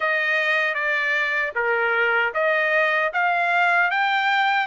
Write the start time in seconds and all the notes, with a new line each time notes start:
0.00 D#5
0.74 D5
1.55 A#4
2.34 D#5
3.13 F5
3.91 G5